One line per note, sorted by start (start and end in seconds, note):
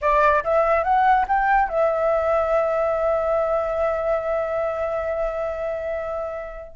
0.01 0.43 D5
0.44 0.83 E5
0.83 1.25 F#5
1.28 1.68 G5
1.68 6.75 E5